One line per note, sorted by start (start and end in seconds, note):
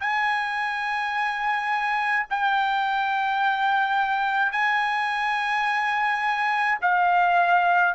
0.00 2.26 G#5
2.30 4.52 G5
4.52 6.78 G#5
6.81 7.94 F5